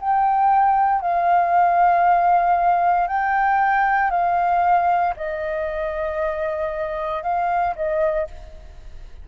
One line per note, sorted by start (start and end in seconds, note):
0.00 1.01 G5
1.01 3.08 F5
3.08 4.11 G5
4.11 5.14 F5
5.16 7.23 D#5
7.23 7.74 F5
7.75 8.27 D#5